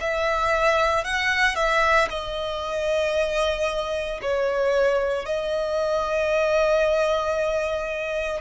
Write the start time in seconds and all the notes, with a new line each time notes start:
0.00 E5
1.04 F#5
1.55 E5
2.10 D#5
4.22 C#5
5.25 D#5